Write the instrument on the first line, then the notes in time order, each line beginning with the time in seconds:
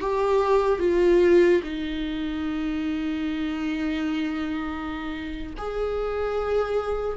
viola
0.00 G4
0.79 F4
1.63 D#4
5.57 G#4